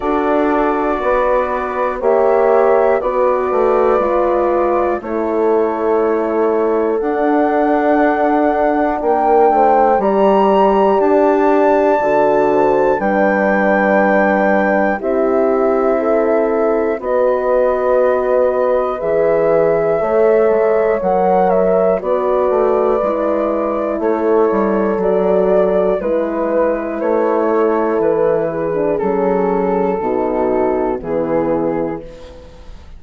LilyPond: <<
  \new Staff \with { instrumentName = "flute" } { \time 4/4 \tempo 4 = 60 d''2 e''4 d''4~ | d''4 cis''2 fis''4~ | fis''4 g''4 ais''4 a''4~ | a''4 g''2 e''4~ |
e''4 dis''2 e''4~ | e''4 fis''8 e''8 d''2 | cis''4 d''4 b'4 cis''4 | b'4 a'2 gis'4 | }
  \new Staff \with { instrumentName = "horn" } { \time 4/4 a'4 b'4 cis''4 b'4~ | b'4 a'2.~ | a'4 ais'8 c''8 d''2~ | d''8 c''8 b'2 g'4 |
a'4 b'2. | cis''2 b'2 | a'2 b'4. a'8~ | a'8 gis'4. fis'4 e'4 | }
  \new Staff \with { instrumentName = "horn" } { \time 4/4 fis'2 g'4 fis'4 | f'4 e'2 d'4~ | d'2 g'2 | fis'4 d'2 e'4~ |
e'4 fis'2 gis'4 | a'4 ais'4 fis'4 e'4~ | e'4 fis'4 e'2~ | e'8. d'16 cis'4 dis'4 b4 | }
  \new Staff \with { instrumentName = "bassoon" } { \time 4/4 d'4 b4 ais4 b8 a8 | gis4 a2 d'4~ | d'4 ais8 a8 g4 d'4 | d4 g2 c'4~ |
c'4 b2 e4 | a8 gis8 fis4 b8 a8 gis4 | a8 g8 fis4 gis4 a4 | e4 fis4 b,4 e4 | }
>>